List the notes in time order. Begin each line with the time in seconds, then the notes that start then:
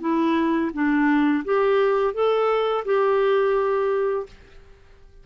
0.00 E4
0.73 D4
1.44 G4
2.13 A4
2.85 G4